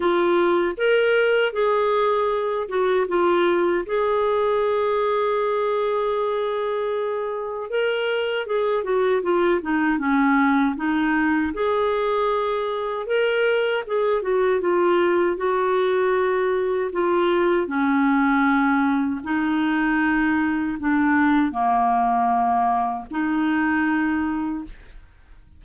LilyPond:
\new Staff \with { instrumentName = "clarinet" } { \time 4/4 \tempo 4 = 78 f'4 ais'4 gis'4. fis'8 | f'4 gis'2.~ | gis'2 ais'4 gis'8 fis'8 | f'8 dis'8 cis'4 dis'4 gis'4~ |
gis'4 ais'4 gis'8 fis'8 f'4 | fis'2 f'4 cis'4~ | cis'4 dis'2 d'4 | ais2 dis'2 | }